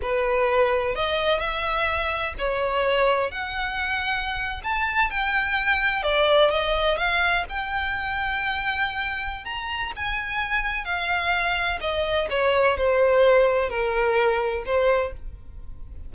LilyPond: \new Staff \with { instrumentName = "violin" } { \time 4/4 \tempo 4 = 127 b'2 dis''4 e''4~ | e''4 cis''2 fis''4~ | fis''4.~ fis''16 a''4 g''4~ g''16~ | g''8. d''4 dis''4 f''4 g''16~ |
g''1 | ais''4 gis''2 f''4~ | f''4 dis''4 cis''4 c''4~ | c''4 ais'2 c''4 | }